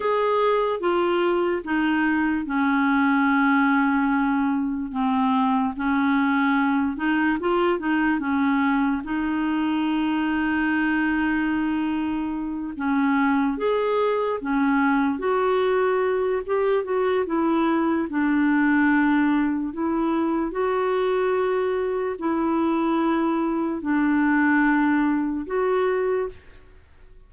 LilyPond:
\new Staff \with { instrumentName = "clarinet" } { \time 4/4 \tempo 4 = 73 gis'4 f'4 dis'4 cis'4~ | cis'2 c'4 cis'4~ | cis'8 dis'8 f'8 dis'8 cis'4 dis'4~ | dis'2.~ dis'8 cis'8~ |
cis'8 gis'4 cis'4 fis'4. | g'8 fis'8 e'4 d'2 | e'4 fis'2 e'4~ | e'4 d'2 fis'4 | }